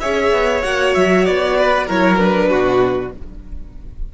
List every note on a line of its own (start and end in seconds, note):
0.00 0.32 C#4
0.00 0.63 G#4
0.00 1.57 C#5
0.00 0.62 E5
0.32 0.63 B3
0.62 0.95 A#3
0.62 1.88 F#4
0.62 0.93 F#5
0.94 1.27 F#3
0.94 1.25 E5
1.25 1.88 B3
1.25 1.88 D5
1.57 1.86 B4
1.86 2.51 F#3
1.86 2.18 E4
1.86 2.49 A#4
1.86 2.17 C#5
2.17 3.12 D4
2.17 3.10 B4
2.49 3.14 B2
2.49 3.12 F#4